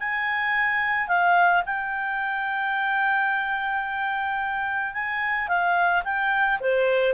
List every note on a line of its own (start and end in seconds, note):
0.00 1.08 G#5
1.08 1.63 F5
1.66 4.94 G5
4.94 5.48 G#5
5.48 6.03 F5
6.05 6.60 G5
6.61 7.14 C5